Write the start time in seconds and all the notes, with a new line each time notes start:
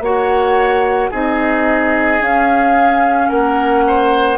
0.00 A#3 F#4 C#5 F#5
1.10 C4 D#4 G#4 D#5
2.20 C#4 F5
3.28 A#3 A#4 F#5
3.87 C5